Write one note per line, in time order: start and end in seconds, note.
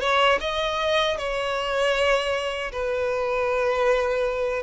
0.00 0.38 C#5
0.40 1.17 D#5
1.17 2.71 C#5
2.72 4.63 B4